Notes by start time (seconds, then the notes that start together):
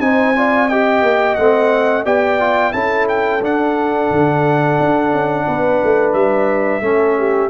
0.00 C4 D#4 C5 G#5
0.35 F4 D5
0.68 G4 D#5 G5
1.02 A#3
1.35 A3 C4 F#5
2.05 B3 G4 D5 G5
2.40 F4
2.72 C#4 E4 A4 A5
3.09 G5
3.41 D4 F#5
4.10 D3
4.80 D4
5.12 C#4
5.46 B3 B4
5.83 A3
6.13 G3 E5
6.81 A3 C#4 A4
7.18 G4